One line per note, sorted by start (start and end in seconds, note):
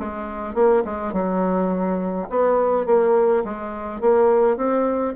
0.00 0.55 G#3
0.55 0.84 A#3
0.85 1.13 G#3
1.13 2.28 F#3
2.30 2.86 B3
2.86 3.44 A#3
3.45 4.01 G#3
4.01 4.57 A#3
4.57 5.15 C4